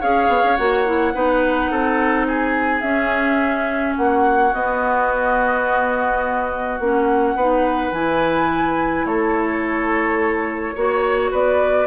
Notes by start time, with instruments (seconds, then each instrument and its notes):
0.00 bassoon C#4, clarinet G#4, oboe C#5, flute F5
0.27 bassoon B3
0.43 bassoon C#4
0.56 bassoon A#3, clarinet F#4, flute F#5
0.85 clarinet E4
1.14 bassoon B3, clarinet D#4, oboe B4
1.70 bassoon C4, oboe A4
2.27 oboe G#4, flute G#5
2.81 bassoon C#4, clarinet C#4, flute E5
3.96 bassoon A#3, oboe F#4, flute F#5
4.53 bassoon B3, clarinet B3, flute D#5
6.79 bassoon A#3, clarinet C#4, flute F#5
7.35 bassoon B3, clarinet D#4, oboe B4
7.92 bassoon E3, clarinet E4, flute G#5
9.05 bassoon A3, oboe A4, flute C#5
10.75 bassoon A#3, clarinet F#4, oboe C#5
11.31 bassoon B3, oboe B4, flute D5